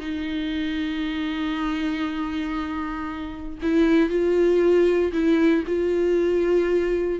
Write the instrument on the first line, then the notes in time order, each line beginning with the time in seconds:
viola
0.00 D#4
3.62 E4
4.10 F4
5.13 E4
5.67 F4